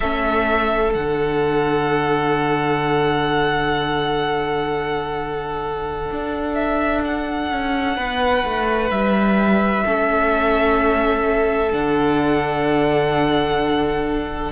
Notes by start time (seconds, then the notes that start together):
0.00 A3 C#4 A4 E5
0.93 D3 D4 F#5
6.11 D4
6.54 E5
7.04 F#5
7.51 C#4
7.96 B3 B4
8.44 A3
8.90 G3 E5
9.84 A3 C#4 A4
11.71 D3 D4 F#5